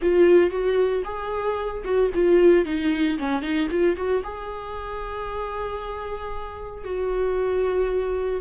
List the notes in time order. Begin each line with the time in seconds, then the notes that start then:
0.01 F4
0.50 F#4
1.04 G#4
1.84 F#4
2.14 F4
2.65 D#4
3.18 C#4
3.41 D#4
3.70 F4
3.96 F#4
4.23 G#4
6.84 F#4